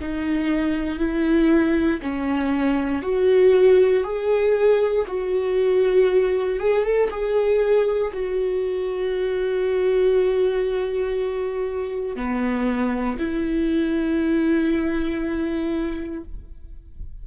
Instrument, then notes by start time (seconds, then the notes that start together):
viola
0.00 D#4
0.98 E4
2.02 C#4
3.02 F#4
4.03 G#4
5.07 F#4
6.59 G#4
6.83 A4
7.10 G#4
8.13 F#4
12.16 B3
13.18 E4